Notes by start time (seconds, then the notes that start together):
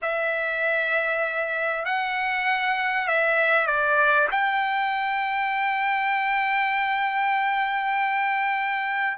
0.01 E5
1.85 F#5
3.07 E5
3.66 D5
4.31 G5